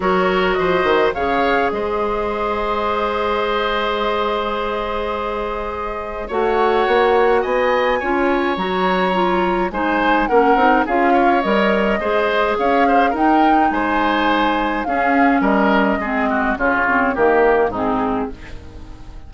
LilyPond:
<<
  \new Staff \with { instrumentName = "flute" } { \time 4/4 \tempo 4 = 105 cis''4 dis''4 f''4 dis''4~ | dis''1~ | dis''2. fis''4~ | fis''4 gis''2 ais''4~ |
ais''4 gis''4 fis''4 f''4 | dis''2 f''4 g''4 | gis''2 f''4 dis''4~ | dis''4 cis''4 ais'4 gis'4 | }
  \new Staff \with { instrumentName = "oboe" } { \time 4/4 ais'4 c''4 cis''4 c''4~ | c''1~ | c''2. cis''4~ | cis''4 dis''4 cis''2~ |
cis''4 c''4 ais'4 gis'8 cis''8~ | cis''4 c''4 cis''8 c''8 ais'4 | c''2 gis'4 ais'4 | gis'8 fis'8 f'4 g'4 dis'4 | }
  \new Staff \with { instrumentName = "clarinet" } { \time 4/4 fis'2 gis'2~ | gis'1~ | gis'2. fis'4~ | fis'2 f'4 fis'4 |
f'4 dis'4 cis'8 dis'8 f'4 | ais'4 gis'2 dis'4~ | dis'2 cis'2 | c'4 cis'8 c'8 ais4 c'4 | }
  \new Staff \with { instrumentName = "bassoon" } { \time 4/4 fis4 f8 dis8 cis4 gis4~ | gis1~ | gis2. a4 | ais4 b4 cis'4 fis4~ |
fis4 gis4 ais8 c'8 cis'4 | g4 gis4 cis'4 dis'4 | gis2 cis'4 g4 | gis4 cis4 dis4 gis,4 | }
>>